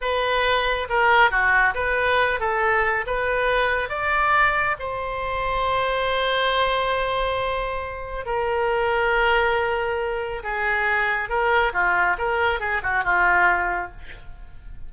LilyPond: \new Staff \with { instrumentName = "oboe" } { \time 4/4 \tempo 4 = 138 b'2 ais'4 fis'4 | b'4. a'4. b'4~ | b'4 d''2 c''4~ | c''1~ |
c''2. ais'4~ | ais'1 | gis'2 ais'4 f'4 | ais'4 gis'8 fis'8 f'2 | }